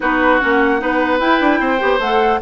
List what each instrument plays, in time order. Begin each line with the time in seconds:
0.00 bassoon B3, clarinet D#4, oboe F#4, flute B4
0.38 bassoon A#3, clarinet C#4, flute F#5
0.79 bassoon B3, clarinet D#4, oboe B4
1.19 bassoon E4, clarinet E4, flute G5
1.40 bassoon D4
1.59 bassoon C4, oboe C5
1.79 bassoon B3, clarinet G4
1.99 bassoon A3, clarinet A4, flute F#5